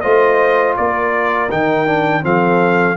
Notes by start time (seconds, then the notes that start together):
0.00 A3 F4 C5 D#5
0.76 A#3 A#4 D5
1.50 D#3 D#4 G5
1.86 D4
2.22 F3 C4 A4 F5